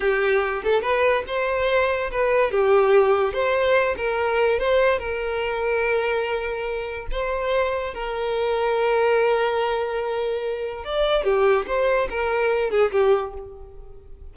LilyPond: \new Staff \with { instrumentName = "violin" } { \time 4/4 \tempo 4 = 144 g'4. a'8 b'4 c''4~ | c''4 b'4 g'2 | c''4. ais'4. c''4 | ais'1~ |
ais'4 c''2 ais'4~ | ais'1~ | ais'2 d''4 g'4 | c''4 ais'4. gis'8 g'4 | }